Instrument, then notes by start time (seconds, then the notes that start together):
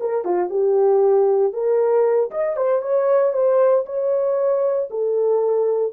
horn
0.00 A#4
0.24 F4
0.49 G4
1.53 A#4
2.30 D#5
2.57 C5
2.81 C#5
3.33 C5
3.86 C#5
4.90 A4